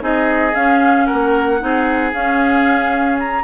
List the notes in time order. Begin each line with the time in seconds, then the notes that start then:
0.00 C4 D#4 G#4 D#5
0.55 C#4 F5
1.06 A#4 F#5
1.13 A#3
1.60 C4 D#4 G#4
2.13 C#4 F5
3.20 A#5